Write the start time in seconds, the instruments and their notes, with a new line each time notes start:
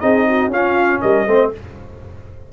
0.00 tuba C4, trombone D#4, horn G#4, trumpet D#5
0.28 horn F#4
0.48 tuba C#4, trombone C#4, horn F4, trumpet F5
1.01 tuba G3, horn A#4, trumpet D#5
1.27 tuba A3, trombone C4, horn C5